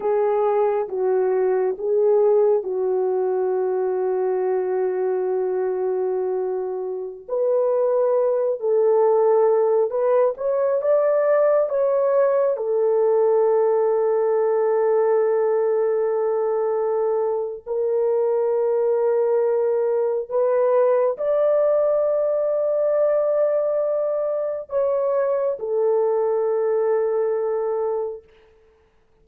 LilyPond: \new Staff \with { instrumentName = "horn" } { \time 4/4 \tempo 4 = 68 gis'4 fis'4 gis'4 fis'4~ | fis'1~ | fis'16 b'4. a'4. b'8 cis''16~ | cis''16 d''4 cis''4 a'4.~ a'16~ |
a'1 | ais'2. b'4 | d''1 | cis''4 a'2. | }